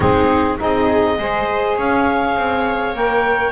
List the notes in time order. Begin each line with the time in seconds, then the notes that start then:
0.00 G#3 C4 D#4 G#4
0.58 C4 D#4 G#4 D#5
1.18 G#3 G#4 C5
1.77 C#4 C#5 F5
2.36 C4
2.94 A#3 A#4 G5